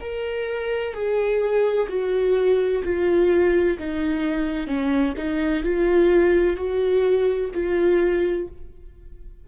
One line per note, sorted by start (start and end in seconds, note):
0.00 0.93 A#4
0.93 1.87 G#4
1.88 2.82 F#4
2.83 3.77 F4
3.79 4.67 D#4
4.67 5.13 C#4
5.17 5.63 D#4
5.63 6.56 F4
6.56 7.50 F#4
7.53 8.47 F4